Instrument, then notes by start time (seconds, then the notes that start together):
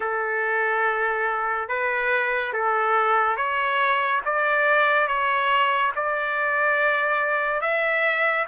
trumpet
0.00 A4
1.68 B4
2.53 A4
3.36 C#5
4.25 D5
5.07 C#5
5.95 D5
7.61 E5